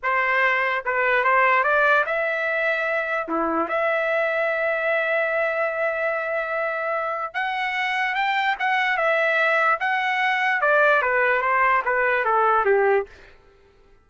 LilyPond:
\new Staff \with { instrumentName = "trumpet" } { \time 4/4 \tempo 4 = 147 c''2 b'4 c''4 | d''4 e''2. | e'4 e''2.~ | e''1~ |
e''2 fis''2 | g''4 fis''4 e''2 | fis''2 d''4 b'4 | c''4 b'4 a'4 g'4 | }